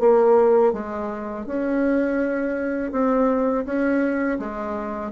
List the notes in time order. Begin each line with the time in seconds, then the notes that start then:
0.00 A#3
0.73 G#3
1.47 C#4
2.92 C4
3.66 C#4
4.39 G#3